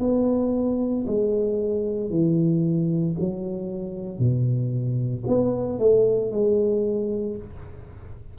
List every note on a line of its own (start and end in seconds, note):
0.00 1.05 B3
1.07 2.10 G#3
2.10 3.15 E3
3.20 4.19 F#3
4.19 5.24 B2
5.27 5.79 B3
5.79 6.32 A3
6.32 7.37 G#3